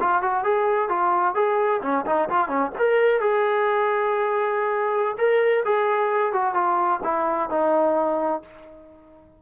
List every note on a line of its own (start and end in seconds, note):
0.00 0.22 F4
0.22 0.43 F#4
0.43 0.89 G#4
0.89 1.34 F4
1.34 1.80 G#4
1.82 2.05 C#4
2.06 2.29 D#4
2.29 2.48 F4
2.48 2.71 C#4
2.78 3.20 A#4
3.20 5.17 G#4
5.17 5.63 A#4
5.65 6.32 G#4
6.32 6.54 F#4
6.54 7.00 F4
7.03 7.49 E4
7.50 8.42 D#4